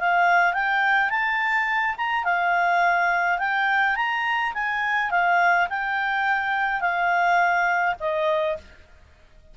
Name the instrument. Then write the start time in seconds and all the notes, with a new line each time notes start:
clarinet
0.00 F5
0.54 G5
1.10 A5
1.98 A#5
2.25 F5
3.39 G5
3.96 A#5
4.54 G#5
5.11 F5
5.70 G5
6.81 F5
8.00 D#5